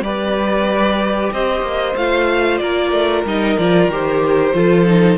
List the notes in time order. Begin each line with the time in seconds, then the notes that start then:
0.00 G3 G4 B4 D5
1.32 C4 C5 D#5
1.61 A#3
1.96 A3 F4 F5
2.57 A#3 A#4 D5
2.92 A3
3.24 G3 D#4 D#5
3.58 F3 F4 D5
3.87 D#3 G4 C5
4.54 F3 F4 A4
4.86 D#4